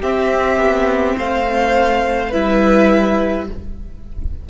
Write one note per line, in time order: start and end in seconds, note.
0.00 0.57 C4
0.00 2.32 C4
0.00 1.15 G4
0.00 1.18 E5
0.57 1.15 B3
1.17 2.32 A3
1.17 2.29 C5
1.17 2.32 F5
2.29 3.49 G3
2.29 3.47 E4
2.29 3.44 B4
2.29 3.48 E5